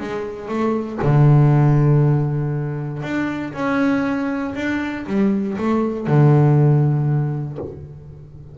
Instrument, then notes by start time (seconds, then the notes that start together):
double bass
0.00 G#3
0.48 A3
1.03 D3
3.03 D4
3.54 C#4
4.55 D4
5.07 G3
5.58 A3
6.07 D3